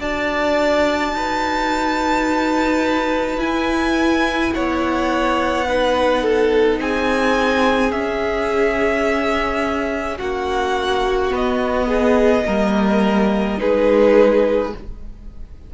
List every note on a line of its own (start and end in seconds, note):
0.00 1.13 D4
0.00 3.39 F#4
0.00 1.13 D5
0.00 3.40 A5
1.13 3.38 D#4
1.13 4.55 B4
3.38 4.51 E4
3.38 5.65 E4
3.38 4.54 G#5
4.54 6.80 B3
4.54 5.68 C#5
4.54 6.80 F#5
5.68 7.91 D#4
5.68 6.23 B4
6.23 6.79 A4
6.80 7.92 C4
6.80 10.17 G#4
6.80 7.92 G#5
7.91 11.31 C#4
7.91 10.19 C#4
7.91 10.18 E5
10.17 11.32 A#3
10.17 11.87 F#4
10.17 11.33 F#5
11.31 12.44 B3
11.31 12.45 B3
11.31 13.60 D#5
11.88 12.44 G#4
12.46 13.60 G3
12.46 13.58 A#3
12.46 13.60 A#4
13.58 14.73 G#3
13.58 14.71 D#4
13.58 14.75 G#4
13.58 14.74 B4